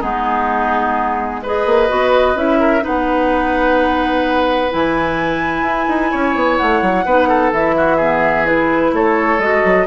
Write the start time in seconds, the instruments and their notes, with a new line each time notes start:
0.00 bassoon G#3, clarinet B3, oboe D#4, flute G#4
1.42 clarinet G#4, oboe B4, flute D#5
1.66 bassoon A#3
1.89 bassoon B3, clarinet F#4
2.35 bassoon C#4, clarinet E4, flute E5
2.60 oboe A#4
2.81 bassoon B3, clarinet D#4, oboe B4, flute F#5
4.70 bassoon E3, clarinet E4, flute G#5
5.62 bassoon E4
5.88 bassoon D#4
6.11 bassoon C#4, oboe C#5
6.35 bassoon B3
6.57 bassoon A3, flute F#5
6.82 bassoon F#3
7.05 bassoon B3, clarinet D#4, oboe B4
7.28 oboe A4
7.53 bassoon E3, clarinet E4, flute E5
7.77 oboe F#4
7.97 clarinet B3, oboe G#4
8.45 clarinet E4, flute B4
8.93 bassoon A3, oboe A4, flute C#5
9.38 bassoon G#3, clarinet F#4, flute D#5
9.65 bassoon F#3